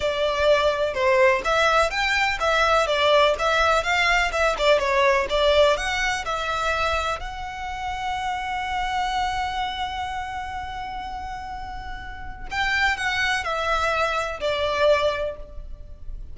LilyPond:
\new Staff \with { instrumentName = "violin" } { \time 4/4 \tempo 4 = 125 d''2 c''4 e''4 | g''4 e''4 d''4 e''4 | f''4 e''8 d''8 cis''4 d''4 | fis''4 e''2 fis''4~ |
fis''1~ | fis''1~ | fis''2 g''4 fis''4 | e''2 d''2 | }